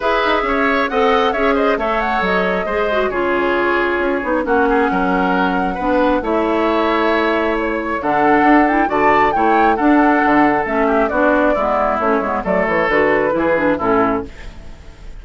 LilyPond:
<<
  \new Staff \with { instrumentName = "flute" } { \time 4/4 \tempo 4 = 135 e''2 fis''4 e''8 dis''8 | e''8 fis''8 dis''2 cis''4~ | cis''2 fis''2~ | fis''2 e''2~ |
e''4 cis''4 fis''4. g''8 | a''4 g''4 fis''2 | e''4 d''2 cis''4 | d''8 cis''8 b'2 a'4 | }
  \new Staff \with { instrumentName = "oboe" } { \time 4/4 b'4 cis''4 dis''4 cis''8 c''8 | cis''2 c''4 gis'4~ | gis'2 fis'8 gis'8 ais'4~ | ais'4 b'4 cis''2~ |
cis''2 a'2 | d''4 cis''4 a'2~ | a'8 g'8 fis'4 e'2 | a'2 gis'4 e'4 | }
  \new Staff \with { instrumentName = "clarinet" } { \time 4/4 gis'2 a'4 gis'4 | a'2 gis'8 fis'8 f'4~ | f'4. dis'8 cis'2~ | cis'4 d'4 e'2~ |
e'2 d'4. e'8 | fis'4 e'4 d'2 | cis'4 d'4 b4 cis'8 b8 | a4 fis'4 e'8 d'8 cis'4 | }
  \new Staff \with { instrumentName = "bassoon" } { \time 4/4 e'8 dis'8 cis'4 c'4 cis'4 | a4 fis4 gis4 cis4~ | cis4 cis'8 b8 ais4 fis4~ | fis4 b4 a2~ |
a2 d4 d'4 | d4 a4 d'4 d4 | a4 b4 gis4 a8 gis8 | fis8 e8 d4 e4 a,4 | }
>>